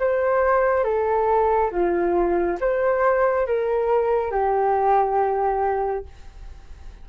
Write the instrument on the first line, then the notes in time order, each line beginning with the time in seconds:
flute
0.00 C5
0.85 A4
1.72 F4
2.61 C5
3.47 A#4
4.32 G4